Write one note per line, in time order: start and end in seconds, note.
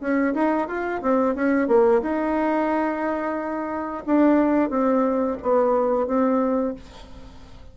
0.00 0.34 C#4
0.34 0.68 D#4
0.68 1.01 F4
1.01 1.35 C4
1.35 1.68 C#4
1.68 2.01 A#3
2.02 4.04 D#4
4.06 4.69 D4
4.69 5.37 C4
5.42 6.07 B3
6.07 6.74 C4